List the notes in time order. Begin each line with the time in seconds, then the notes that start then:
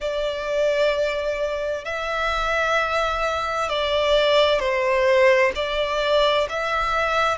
0.00 D5
1.84 E5
3.69 D5
4.59 C5
5.55 D5
6.49 E5